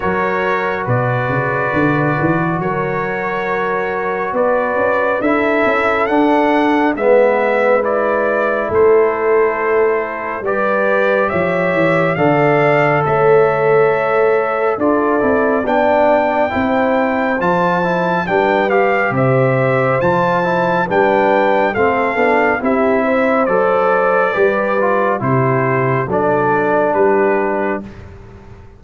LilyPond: <<
  \new Staff \with { instrumentName = "trumpet" } { \time 4/4 \tempo 4 = 69 cis''4 d''2 cis''4~ | cis''4 d''4 e''4 fis''4 | e''4 d''4 c''2 | d''4 e''4 f''4 e''4~ |
e''4 d''4 g''2 | a''4 g''8 f''8 e''4 a''4 | g''4 f''4 e''4 d''4~ | d''4 c''4 d''4 b'4 | }
  \new Staff \with { instrumentName = "horn" } { \time 4/4 ais'4 b'2 ais'4~ | ais'4 b'4 a'2 | b'2 a'2 | b'4 cis''4 d''4 cis''4~ |
cis''4 a'4 d''4 c''4~ | c''4 b'4 c''2 | b'4 a'4 g'8 c''4. | b'4 g'4 a'4 g'4 | }
  \new Staff \with { instrumentName = "trombone" } { \time 4/4 fis'1~ | fis'2 e'4 d'4 | b4 e'2. | g'2 a'2~ |
a'4 f'8 e'8 d'4 e'4 | f'8 e'8 d'8 g'4. f'8 e'8 | d'4 c'8 d'8 e'4 a'4 | g'8 f'8 e'4 d'2 | }
  \new Staff \with { instrumentName = "tuba" } { \time 4/4 fis4 b,8 cis8 d8 e8 fis4~ | fis4 b8 cis'8 d'8 cis'8 d'4 | gis2 a2 | g4 f8 e8 d4 a4~ |
a4 d'8 c'8 b4 c'4 | f4 g4 c4 f4 | g4 a8 b8 c'4 fis4 | g4 c4 fis4 g4 | }
>>